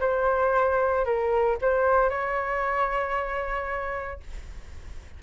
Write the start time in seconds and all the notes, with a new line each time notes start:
0.00 C5
1.05 A#4
1.62 C5
2.10 C#5